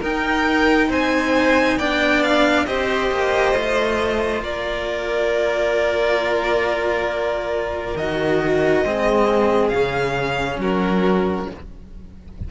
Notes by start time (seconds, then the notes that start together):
0.00 D#4 A#4 G5
0.88 C4 C5 G#5
1.76 B3 D4 D5 G5
2.23 F5
2.66 C4 G4 C5 D#5
3.11 A#3
3.53 A3 F4
4.41 A#3 A#4 D5
7.96 D#3 F#4 D#5
8.85 G#3 C4 G#4
9.69 C#3 C#4 F5
10.58 F#3 F#4 A#4